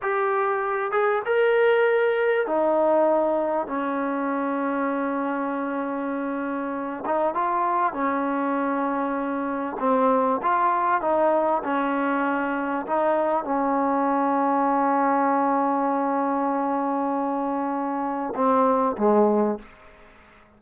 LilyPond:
\new Staff \with { instrumentName = "trombone" } { \time 4/4 \tempo 4 = 98 g'4. gis'8 ais'2 | dis'2 cis'2~ | cis'2.~ cis'8 dis'8 | f'4 cis'2. |
c'4 f'4 dis'4 cis'4~ | cis'4 dis'4 cis'2~ | cis'1~ | cis'2 c'4 gis4 | }